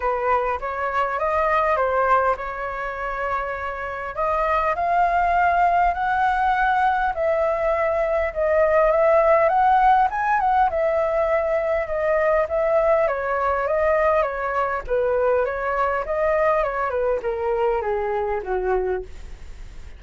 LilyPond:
\new Staff \with { instrumentName = "flute" } { \time 4/4 \tempo 4 = 101 b'4 cis''4 dis''4 c''4 | cis''2. dis''4 | f''2 fis''2 | e''2 dis''4 e''4 |
fis''4 gis''8 fis''8 e''2 | dis''4 e''4 cis''4 dis''4 | cis''4 b'4 cis''4 dis''4 | cis''8 b'8 ais'4 gis'4 fis'4 | }